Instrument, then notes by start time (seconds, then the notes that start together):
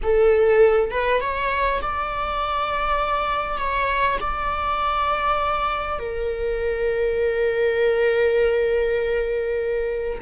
viola
0.02 A4
0.90 B4
1.20 C#5
1.81 D5
3.58 C#5
4.20 D5
5.99 A#4